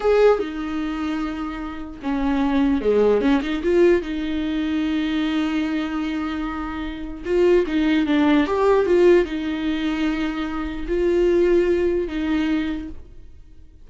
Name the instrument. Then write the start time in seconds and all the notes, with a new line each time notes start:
viola
0.00 G#4
0.39 D#4
2.02 C#4
2.81 G#3
3.21 C#4
3.42 D#4
3.63 F4
4.02 D#4
7.25 F4
7.67 D#4
8.06 D4
8.47 G4
8.86 F4
9.25 D#4
10.87 F4
12.07 D#4